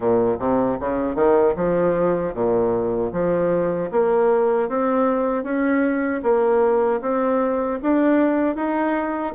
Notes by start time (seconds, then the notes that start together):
0.00 A#2
0.39 C3
0.80 C#3
1.15 D#3
1.55 F3
2.33 A#2
3.12 F3
3.91 A#3
4.69 C4
5.43 C#4
6.22 A#3
7.01 C4
7.82 D4
8.55 D#4